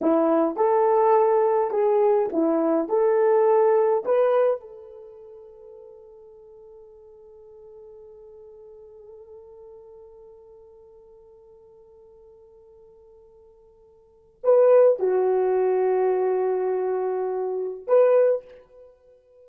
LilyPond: \new Staff \with { instrumentName = "horn" } { \time 4/4 \tempo 4 = 104 e'4 a'2 gis'4 | e'4 a'2 b'4 | a'1~ | a'1~ |
a'1~ | a'1~ | a'4 b'4 fis'2~ | fis'2. b'4 | }